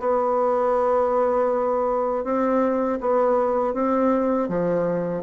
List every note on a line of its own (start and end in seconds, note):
0.00 2.24 B3
2.24 2.99 C4
3.01 3.74 B3
3.74 4.49 C4
4.49 5.23 F3